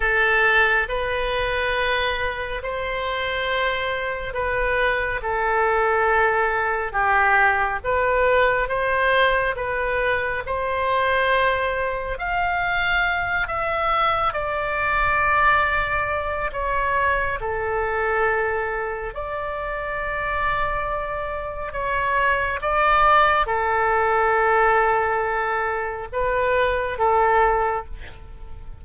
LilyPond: \new Staff \with { instrumentName = "oboe" } { \time 4/4 \tempo 4 = 69 a'4 b'2 c''4~ | c''4 b'4 a'2 | g'4 b'4 c''4 b'4 | c''2 f''4. e''8~ |
e''8 d''2~ d''8 cis''4 | a'2 d''2~ | d''4 cis''4 d''4 a'4~ | a'2 b'4 a'4 | }